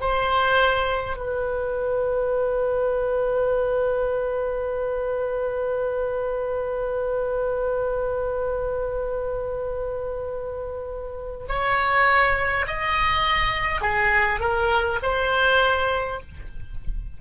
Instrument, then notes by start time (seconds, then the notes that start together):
oboe
0.00 C5
1.17 B4
11.48 C#5
12.67 D#5
13.81 G#4
14.40 A#4
15.02 C5